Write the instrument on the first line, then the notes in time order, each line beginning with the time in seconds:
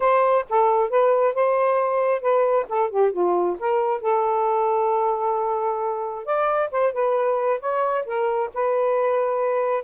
saxophone
0.00 C5
0.49 A4
0.89 B4
1.34 C5
2.21 B4
2.68 A4
2.90 G4
3.12 F4
3.59 A#4
4.01 A4
6.25 D5
6.71 C5
6.93 B4
7.60 C#5
8.05 A#4
8.54 B4